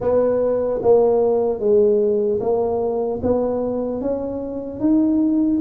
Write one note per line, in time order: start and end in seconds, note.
0.00 0.80 B3
0.82 1.59 A#3
1.59 2.39 G#3
2.40 3.20 A#3
3.22 4.01 B3
4.01 4.80 C#4
4.80 5.60 D#4